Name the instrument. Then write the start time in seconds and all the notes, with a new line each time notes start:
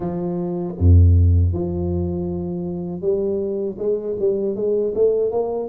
tuba
0.00 F3
0.78 F2
1.53 F3
3.01 G3
3.78 G#3
4.19 G3
4.55 G#3
4.94 A3
5.31 A#3